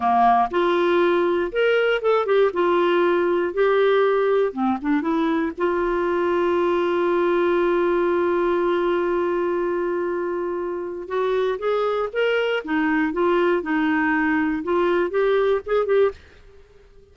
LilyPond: \new Staff \with { instrumentName = "clarinet" } { \time 4/4 \tempo 4 = 119 ais4 f'2 ais'4 | a'8 g'8 f'2 g'4~ | g'4 c'8 d'8 e'4 f'4~ | f'1~ |
f'1~ | f'2 fis'4 gis'4 | ais'4 dis'4 f'4 dis'4~ | dis'4 f'4 g'4 gis'8 g'8 | }